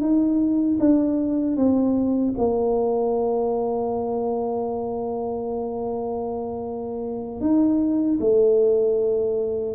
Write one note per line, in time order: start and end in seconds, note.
0.00 0.78 D#4
0.79 1.56 D4
1.56 2.34 C4
2.37 7.40 A#3
7.40 8.18 D#4
8.20 9.74 A3